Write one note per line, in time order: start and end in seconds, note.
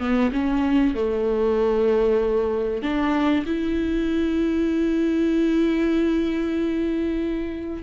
0.00 0.31 B3
0.33 0.95 C#4
0.95 2.82 A3
2.82 3.45 D4
3.46 7.83 E4